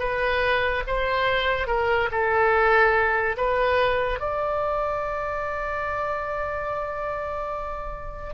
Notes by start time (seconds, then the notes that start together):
0.00 B4
0.87 C5
1.68 A#4
2.12 A4
3.37 B4
4.20 D5